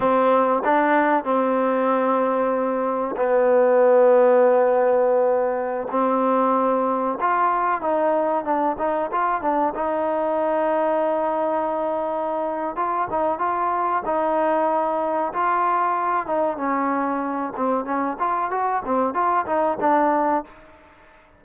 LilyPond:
\new Staff \with { instrumentName = "trombone" } { \time 4/4 \tempo 4 = 94 c'4 d'4 c'2~ | c'4 b2.~ | b4~ b16 c'2 f'8.~ | f'16 dis'4 d'8 dis'8 f'8 d'8 dis'8.~ |
dis'1 | f'8 dis'8 f'4 dis'2 | f'4. dis'8 cis'4. c'8 | cis'8 f'8 fis'8 c'8 f'8 dis'8 d'4 | }